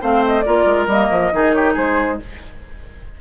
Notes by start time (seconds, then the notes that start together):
0.00 A3 C4 C5 F5
0.26 D#5
0.42 A#3 F4 A#4 D5
0.66 G#3
0.87 G3 A#3 D#5
1.11 F3
1.33 D#3 D#4 G#4
1.53 G4 C#5
1.74 G#3 G#4 C5